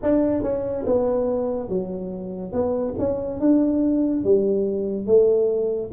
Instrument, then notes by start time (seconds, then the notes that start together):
tuba
0.02 D4
0.42 C#4
0.86 B3
1.69 F#3
2.52 B3
2.98 C#4
3.40 D4
4.23 G3
5.06 A3